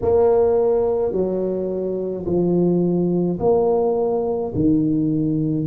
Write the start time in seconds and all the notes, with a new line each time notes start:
0.01 A#3
1.12 F#3
2.25 F3
3.40 A#3
4.54 D#3